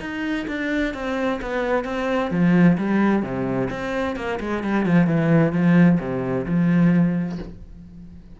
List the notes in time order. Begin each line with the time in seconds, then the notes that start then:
0.00 D#4
0.48 D4
0.94 C4
1.41 B3
1.84 C4
2.31 F3
2.77 G3
3.22 C3
3.70 C4
4.16 A#3
4.40 G#3
4.63 G3
4.85 F3
5.06 E3
5.52 F3
5.99 C3
6.46 F3